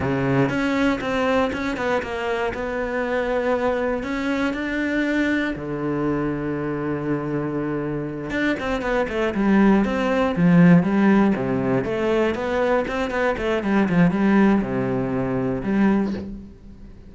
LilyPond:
\new Staff \with { instrumentName = "cello" } { \time 4/4 \tempo 4 = 119 cis4 cis'4 c'4 cis'8 b8 | ais4 b2. | cis'4 d'2 d4~ | d1~ |
d8 d'8 c'8 b8 a8 g4 c'8~ | c'8 f4 g4 c4 a8~ | a8 b4 c'8 b8 a8 g8 f8 | g4 c2 g4 | }